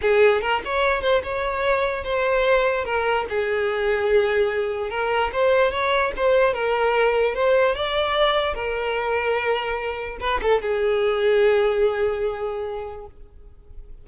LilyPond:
\new Staff \with { instrumentName = "violin" } { \time 4/4 \tempo 4 = 147 gis'4 ais'8 cis''4 c''8 cis''4~ | cis''4 c''2 ais'4 | gis'1 | ais'4 c''4 cis''4 c''4 |
ais'2 c''4 d''4~ | d''4 ais'2.~ | ais'4 b'8 a'8 gis'2~ | gis'1 | }